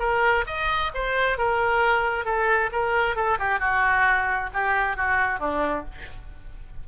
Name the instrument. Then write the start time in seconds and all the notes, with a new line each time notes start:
oboe
0.00 A#4
0.47 D#5
0.95 C5
1.38 A#4
2.26 A4
2.73 A#4
3.16 A4
3.39 G4
3.60 F#4
4.54 G4
4.97 F#4
5.40 D4